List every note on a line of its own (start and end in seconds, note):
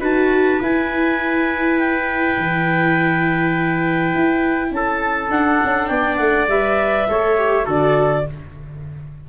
0.00 0.60 D#4
0.00 0.60 F#4
0.00 4.71 B4
0.00 0.62 A5
0.61 2.38 E4
0.61 5.31 E4
0.61 1.79 G#5
1.79 4.74 G5
2.38 4.14 E3
4.15 4.71 E4
4.71 5.30 C#4
4.71 5.90 A4
4.71 5.31 A5
5.31 6.48 D4
5.31 5.60 D4
5.31 5.87 F#5
5.64 5.90 C#4
5.87 6.19 B3
5.87 7.08 D5
5.87 6.17 G5
6.17 6.48 A3
6.17 6.46 F#5
6.48 7.07 G3
6.48 7.09 B4
6.48 7.67 E5
7.09 7.68 A3
7.09 7.38 A4
7.09 7.66 C#5
7.38 7.66 G4
7.66 8.26 D3
7.66 8.24 F#4
7.66 8.25 A4
7.66 8.29 D5